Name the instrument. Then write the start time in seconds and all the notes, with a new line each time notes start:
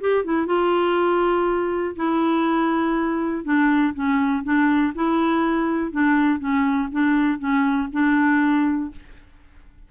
clarinet
0.00 G4
0.24 E4
0.46 F4
1.95 E4
3.44 D4
3.94 C#4
4.43 D4
4.94 E4
5.91 D4
6.39 C#4
6.91 D4
7.38 C#4
7.92 D4